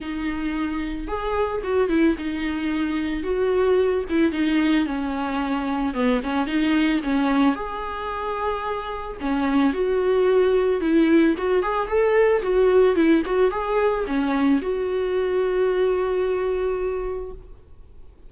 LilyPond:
\new Staff \with { instrumentName = "viola" } { \time 4/4 \tempo 4 = 111 dis'2 gis'4 fis'8 e'8 | dis'2 fis'4. e'8 | dis'4 cis'2 b8 cis'8 | dis'4 cis'4 gis'2~ |
gis'4 cis'4 fis'2 | e'4 fis'8 gis'8 a'4 fis'4 | e'8 fis'8 gis'4 cis'4 fis'4~ | fis'1 | }